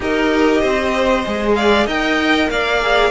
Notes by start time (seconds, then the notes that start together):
0.00 D#4 G4 A#4 D#5
0.61 C4 C5
1.25 G#3 G#4
1.55 D5 F5
1.86 D#4 A#4 D#5 G5
2.49 A#3 D5 F5
2.82 G#4